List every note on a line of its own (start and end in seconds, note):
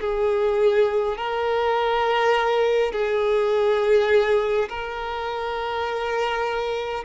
0.00 1.17 G#4
1.17 2.93 A#4
2.93 4.69 G#4
4.69 7.04 A#4